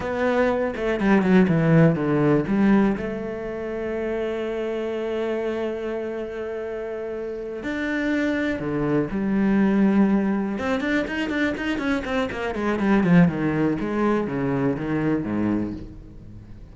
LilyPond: \new Staff \with { instrumentName = "cello" } { \time 4/4 \tempo 4 = 122 b4. a8 g8 fis8 e4 | d4 g4 a2~ | a1~ | a2.~ a8 d'8~ |
d'4. d4 g4.~ | g4. c'8 d'8 dis'8 d'8 dis'8 | cis'8 c'8 ais8 gis8 g8 f8 dis4 | gis4 cis4 dis4 gis,4 | }